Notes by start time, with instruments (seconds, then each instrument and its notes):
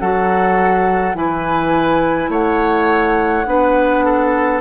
0.00 bassoon F#3, clarinet F#4, oboe A4, flute F#5
1.15 bassoon E3, clarinet E4, oboe B4, flute G#5
2.29 bassoon A3, oboe C#5, flute F#5
3.46 bassoon B3, clarinet D4, oboe B4
4.05 oboe A4